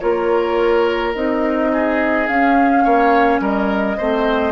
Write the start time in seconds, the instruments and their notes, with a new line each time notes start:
0.00 bassoon A#3, clarinet F4, oboe A#4, flute C#5
1.14 bassoon C4, clarinet D#4, flute D#5
1.73 oboe G#4
2.27 clarinet C#4, bassoon C#4, flute F5
2.84 bassoon A#3, oboe C#5
3.40 bassoon G3, oboe A#4, flute D#5
3.97 bassoon A3, clarinet C4, oboe C5